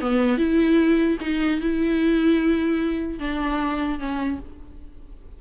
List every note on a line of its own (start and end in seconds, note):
0.00 0.37 B3
0.37 1.17 E4
1.20 1.60 D#4
1.60 3.19 E4
3.19 3.99 D4
3.99 4.39 C#4